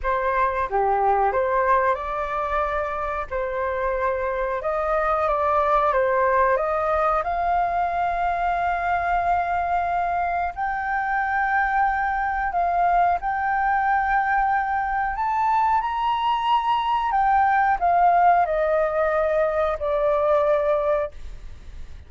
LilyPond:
\new Staff \with { instrumentName = "flute" } { \time 4/4 \tempo 4 = 91 c''4 g'4 c''4 d''4~ | d''4 c''2 dis''4 | d''4 c''4 dis''4 f''4~ | f''1 |
g''2. f''4 | g''2. a''4 | ais''2 g''4 f''4 | dis''2 d''2 | }